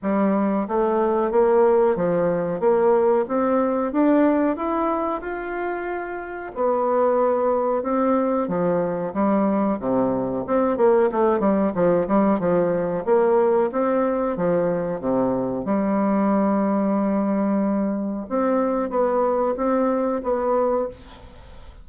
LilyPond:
\new Staff \with { instrumentName = "bassoon" } { \time 4/4 \tempo 4 = 92 g4 a4 ais4 f4 | ais4 c'4 d'4 e'4 | f'2 b2 | c'4 f4 g4 c4 |
c'8 ais8 a8 g8 f8 g8 f4 | ais4 c'4 f4 c4 | g1 | c'4 b4 c'4 b4 | }